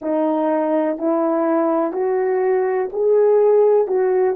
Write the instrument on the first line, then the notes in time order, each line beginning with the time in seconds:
horn
0.01 D#4
0.98 E4
1.92 F#4
2.92 G#4
3.87 F#4